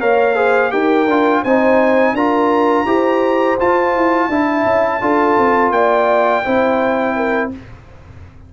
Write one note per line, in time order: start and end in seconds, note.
0.00 0.73 A#3
0.00 0.36 A#4
0.00 0.35 C#5
0.00 0.72 F5
0.35 0.71 G#4
0.35 0.71 C5
0.71 1.07 D#4
0.71 1.06 G4
0.71 1.42 A#4
0.71 1.43 G5
1.07 1.43 D4
1.07 1.46 F4
1.42 2.13 C4
1.42 2.17 D#4
1.42 2.13 C5
1.42 2.16 G#5
2.13 2.85 D4
2.13 2.87 F4
2.13 2.86 A#4
2.13 3.59 A#5
2.86 3.57 E4
2.86 3.58 G4
2.86 4.29 C5
3.60 4.31 F4
3.60 3.96 F4
3.60 5.72 A5
3.96 4.29 E4
4.29 4.65 D4
4.29 5.01 E4
4.29 5.02 E5
4.65 5.01 C#4
5.01 5.38 D4
5.01 6.44 F4
5.01 5.74 A4
5.38 5.71 C4
5.71 6.42 A#3
5.71 6.45 D5
5.71 7.50 G5
6.45 7.54 C4
6.45 7.52 E4
6.45 7.16 C5
7.16 7.52 A#4